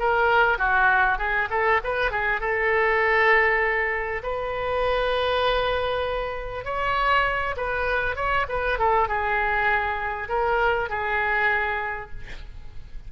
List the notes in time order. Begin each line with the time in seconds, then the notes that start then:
0.00 A#4
0.59 F#4
1.19 G#4
1.51 A4
1.84 B4
2.12 G#4
2.41 A4
4.24 B4
6.65 C#5
7.57 B4
8.16 C#5
8.49 B4
8.79 A4
9.09 G#4
10.29 A#4
10.90 G#4